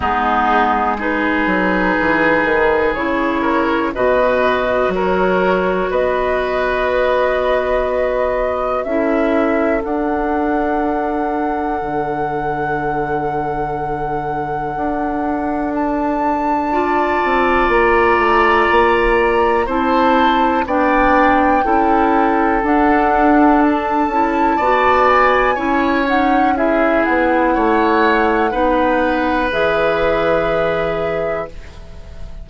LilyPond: <<
  \new Staff \with { instrumentName = "flute" } { \time 4/4 \tempo 4 = 61 gis'4 b'2 cis''4 | dis''4 cis''4 dis''2~ | dis''4 e''4 fis''2~ | fis''1 |
a''2 ais''2 | a''4 g''2 fis''4 | a''4. gis''4 fis''8 e''8 fis''8~ | fis''2 e''2 | }
  \new Staff \with { instrumentName = "oboe" } { \time 4/4 dis'4 gis'2~ gis'8 ais'8 | b'4 ais'4 b'2~ | b'4 a'2.~ | a'1~ |
a'4 d''2. | c''4 d''4 a'2~ | a'4 d''4 cis''4 gis'4 | cis''4 b'2. | }
  \new Staff \with { instrumentName = "clarinet" } { \time 4/4 b4 dis'2 e'4 | fis'1~ | fis'4 e'4 d'2~ | d'1~ |
d'4 f'2. | e'4 d'4 e'4 d'4~ | d'8 e'8 fis'4 e'8 dis'8 e'4~ | e'4 dis'4 gis'2 | }
  \new Staff \with { instrumentName = "bassoon" } { \time 4/4 gis4. fis8 e8 dis8 cis4 | b,4 fis4 b2~ | b4 cis'4 d'2 | d2. d'4~ |
d'4. c'8 ais8 a8 ais4 | c'4 b4 cis'4 d'4~ | d'8 cis'8 b4 cis'4. b8 | a4 b4 e2 | }
>>